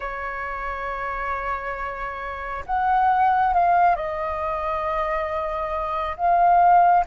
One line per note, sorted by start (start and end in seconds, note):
0.00 2.64 C#5
2.66 3.53 F#5
3.53 3.95 F5
3.95 6.16 D#5
6.16 7.05 F5